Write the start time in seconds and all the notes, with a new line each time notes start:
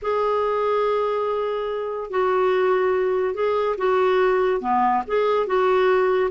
0.02 G#4
2.10 F#4
3.34 G#4
3.77 F#4
4.60 B3
5.07 G#4
5.46 F#4